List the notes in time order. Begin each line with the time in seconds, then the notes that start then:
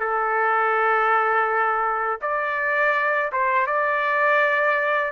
0.00 A4
2.22 D5
3.32 C5
3.67 D5